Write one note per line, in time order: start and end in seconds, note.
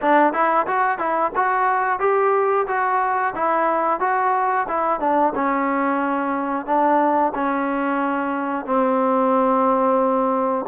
0.01 0.33 D4
0.33 0.66 E4
0.67 0.98 F#4
0.98 1.32 E4
1.35 1.99 F#4
1.99 2.66 G4
2.67 3.33 F#4
3.35 4.00 E4
4.00 4.66 F#4
4.68 4.99 E4
4.99 5.33 D4
5.35 6.66 C#4
6.66 7.32 D4
7.34 8.65 C#4
8.65 10.65 C4